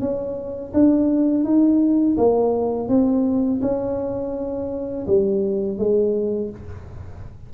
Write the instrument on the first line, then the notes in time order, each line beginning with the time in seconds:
tuba
0.00 C#4
0.74 D4
1.44 D#4
2.17 A#3
2.88 C4
3.61 C#4
5.07 G3
5.78 G#3